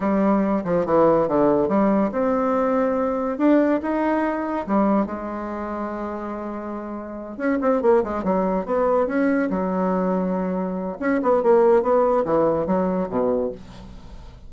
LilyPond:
\new Staff \with { instrumentName = "bassoon" } { \time 4/4 \tempo 4 = 142 g4. f8 e4 d4 | g4 c'2. | d'4 dis'2 g4 | gis1~ |
gis4. cis'8 c'8 ais8 gis8 fis8~ | fis8 b4 cis'4 fis4.~ | fis2 cis'8 b8 ais4 | b4 e4 fis4 b,4 | }